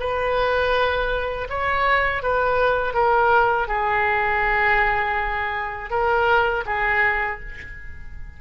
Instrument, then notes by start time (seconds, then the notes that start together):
oboe
0.00 B4
1.49 C#5
2.23 B4
2.94 A#4
3.68 G#4
5.90 A#4
6.66 G#4